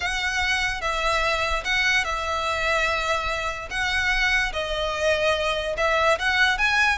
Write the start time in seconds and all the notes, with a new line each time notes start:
0.00 F#5
0.81 E5
1.64 F#5
2.04 E5
3.70 F#5
4.52 D#5
5.77 E5
6.18 F#5
6.58 G#5